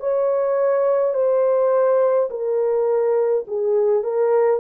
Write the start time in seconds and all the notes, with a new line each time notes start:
0.00 C#5
1.14 C5
2.30 A#4
3.48 G#4
4.03 A#4